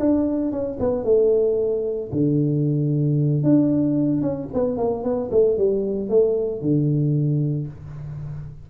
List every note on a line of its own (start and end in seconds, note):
0.00 0.52 D4
0.52 0.78 C#4
0.80 1.05 B3
1.05 2.11 A3
2.12 3.44 D3
3.44 4.22 D4
4.22 4.49 C#4
4.54 4.78 B3
4.78 5.04 A#3
5.04 5.30 B3
5.31 5.58 A3
5.58 6.09 G3
6.09 6.62 A3
6.62 7.68 D3